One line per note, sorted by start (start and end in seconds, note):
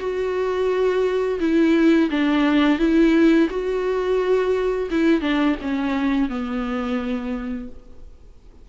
0.00 1.40 F#4
1.40 2.10 E4
2.11 2.79 D4
2.79 3.49 E4
3.50 4.90 F#4
4.91 5.21 E4
5.21 5.56 D4
5.62 6.29 C#4
6.29 7.69 B3